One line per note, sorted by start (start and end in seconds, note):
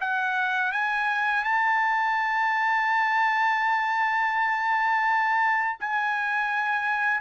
0.00 0.72 F#5
0.72 1.44 G#5
1.44 5.77 A5
5.80 7.21 G#5